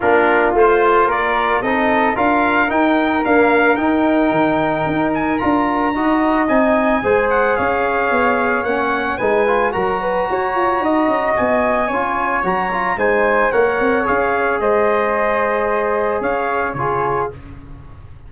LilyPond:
<<
  \new Staff \with { instrumentName = "trumpet" } { \time 4/4 \tempo 4 = 111 ais'4 c''4 d''4 dis''4 | f''4 g''4 f''4 g''4~ | g''4. gis''8 ais''2 | gis''4. fis''8 f''2 |
fis''4 gis''4 ais''2~ | ais''4 gis''2 ais''4 | gis''4 fis''4 f''4 dis''4~ | dis''2 f''4 cis''4 | }
  \new Staff \with { instrumentName = "flute" } { \time 4/4 f'2 ais'4 a'4 | ais'1~ | ais'2. dis''4~ | dis''4 c''4 cis''2~ |
cis''4 b'4 ais'8 b'8 cis''4 | dis''2 cis''2 | c''4 cis''2 c''4~ | c''2 cis''4 gis'4 | }
  \new Staff \with { instrumentName = "trombone" } { \time 4/4 d'4 f'2 dis'4 | f'4 dis'4 ais4 dis'4~ | dis'2 f'4 fis'4 | dis'4 gis'2. |
cis'4 dis'8 f'8 fis'2~ | fis'2 f'4 fis'8 f'8 | dis'4 ais'4 gis'2~ | gis'2. f'4 | }
  \new Staff \with { instrumentName = "tuba" } { \time 4/4 ais4 a4 ais4 c'4 | d'4 dis'4 d'4 dis'4 | dis4 dis'4 d'4 dis'4 | c'4 gis4 cis'4 b4 |
ais4 gis4 fis4 fis'8 f'8 | dis'8 cis'8 b4 cis'4 fis4 | gis4 ais8 c'8 cis'4 gis4~ | gis2 cis'4 cis4 | }
>>